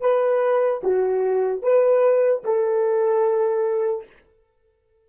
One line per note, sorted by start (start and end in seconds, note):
0.00 0.81 B4
0.83 1.62 F#4
1.62 2.43 B4
2.44 4.06 A4